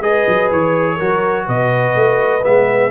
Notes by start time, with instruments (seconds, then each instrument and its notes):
0.00 tuba G#3, trombone G#4, horn B4, trumpet D#5
0.28 tuba F#3
0.51 tuba E3, trumpet C#5
0.96 tuba F#3, trombone F#4, horn A#4
1.46 tuba B2, horn B4, trumpet D#5
1.95 tuba A3
2.41 tuba G#3, trombone B3, trumpet E5